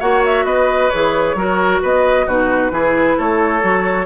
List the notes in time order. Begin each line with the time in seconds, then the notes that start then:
0.00 A#3 F#4 C#5 F#5
0.25 E5
0.45 B3 B4 D#5
0.90 E3 G#4 C#5
1.35 F#3 F#4 A#4
1.82 B3 B4 D#5
2.26 B2 D#4 F#4 B4
2.71 E3 E4 G#4
3.17 A3 A4 C#5
3.62 F#3 F#4